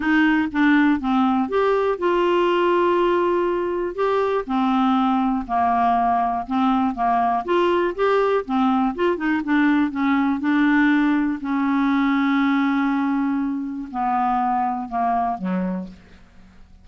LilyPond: \new Staff \with { instrumentName = "clarinet" } { \time 4/4 \tempo 4 = 121 dis'4 d'4 c'4 g'4 | f'1 | g'4 c'2 ais4~ | ais4 c'4 ais4 f'4 |
g'4 c'4 f'8 dis'8 d'4 | cis'4 d'2 cis'4~ | cis'1 | b2 ais4 fis4 | }